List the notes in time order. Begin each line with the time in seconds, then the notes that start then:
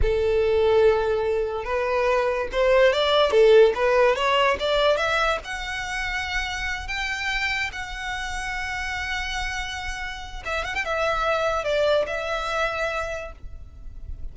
0.02 A4
1.64 B4
2.52 C5
2.93 D5
3.31 A4
3.75 B4
4.15 C#5
4.59 D5
4.97 E5
5.44 F#5
6.87 G5
7.72 F#5
10.45 E5
10.64 F#5
10.75 G5
10.84 E5
11.64 D5
12.06 E5